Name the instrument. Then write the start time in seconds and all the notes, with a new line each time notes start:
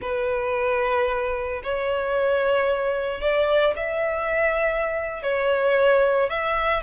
violin
0.01 B4
1.63 C#5
3.20 D5
3.75 E5
5.22 C#5
6.29 E5